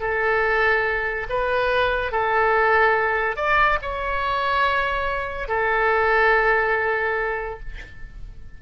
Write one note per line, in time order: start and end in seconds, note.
0.00 1.27 A4
1.29 2.12 B4
2.12 3.36 A4
3.36 3.79 D5
3.82 5.48 C#5
5.48 7.60 A4